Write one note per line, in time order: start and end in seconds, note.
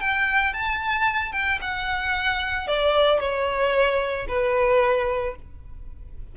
0.00 0.53 G5
0.53 1.32 A5
1.32 1.59 G5
1.61 2.67 F#5
2.67 3.19 D5
3.19 4.27 C#5
4.28 5.35 B4